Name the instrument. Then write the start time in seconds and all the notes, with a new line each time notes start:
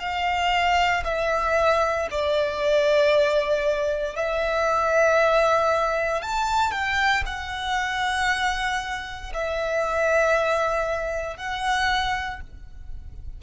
violin
0.00 F5
1.05 E5
2.12 D5
4.16 E5
6.23 A5
6.72 G5
7.26 F#5
9.34 E5
11.37 F#5